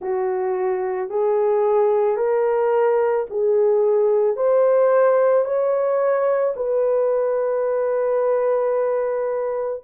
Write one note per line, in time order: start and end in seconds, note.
0.01 1.09 F#4
1.09 2.17 G#4
2.17 3.26 A#4
3.30 4.36 G#4
4.36 5.44 C5
5.44 6.54 C#5
6.56 9.83 B4